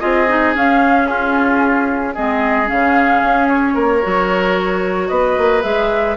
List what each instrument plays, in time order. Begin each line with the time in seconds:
0.00 bassoon C4, clarinet F4, oboe G#4, flute D#5
0.28 clarinet D#4
0.54 clarinet C#4, bassoon C#4, flute F5
1.07 oboe F4, flute G#4
2.14 bassoon G#3, clarinet C4, oboe G#4, flute D#5
2.66 bassoon C#3, clarinet C#4, flute F5
3.23 bassoon C#4
3.49 flute C#5
3.74 bassoon A#3, oboe A#4
4.02 bassoon F#3, clarinet F#4
5.09 bassoon B3, oboe B4, flute D#5
5.38 bassoon A#3
5.62 bassoon G#3, clarinet G#4, flute E5